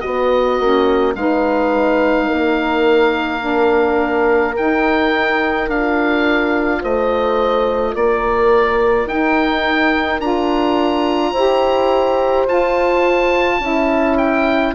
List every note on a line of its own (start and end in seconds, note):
0.00 0.61 B3
0.00 0.59 B3
0.00 1.14 F#4
0.00 1.13 D#5
0.59 1.15 A#3
0.59 1.15 C#4
1.15 2.28 G#3
1.15 3.40 D#4
1.15 2.27 B4
1.15 4.55 F5
2.27 4.58 A#3
2.27 6.79 A#4
3.40 4.53 D4
4.57 5.67 D#4
4.57 5.70 D#4
4.57 5.69 G5
5.67 6.81 D4
5.67 9.07 F4
5.67 6.83 F5
6.81 7.95 A3
6.81 7.94 C5
6.81 7.95 D#5
7.94 9.05 A#3
7.94 11.31 A#4
7.94 9.08 D5
9.05 10.18 D#4
9.05 10.21 D#4
9.05 10.20 G5
10.19 11.32 D4
10.19 11.34 F4
10.19 12.46 A#5
11.31 12.46 E4
11.31 12.47 G4
11.31 13.58 C5
12.46 13.59 F4
12.46 13.60 F4
12.46 14.17 A5
13.59 14.73 C#4
13.59 14.74 E4
13.59 14.74 E5
14.17 14.74 G5